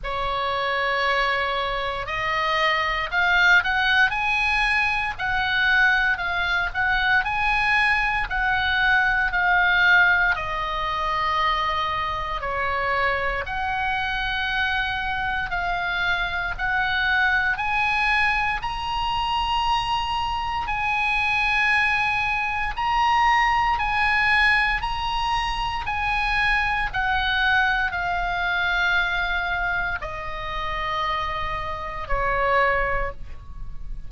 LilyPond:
\new Staff \with { instrumentName = "oboe" } { \time 4/4 \tempo 4 = 58 cis''2 dis''4 f''8 fis''8 | gis''4 fis''4 f''8 fis''8 gis''4 | fis''4 f''4 dis''2 | cis''4 fis''2 f''4 |
fis''4 gis''4 ais''2 | gis''2 ais''4 gis''4 | ais''4 gis''4 fis''4 f''4~ | f''4 dis''2 cis''4 | }